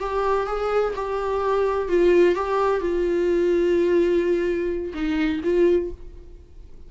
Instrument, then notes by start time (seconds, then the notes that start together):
viola
0.00 G4
0.47 G#4
0.96 G4
1.89 F4
2.35 G4
2.81 F4
4.94 D#4
5.44 F4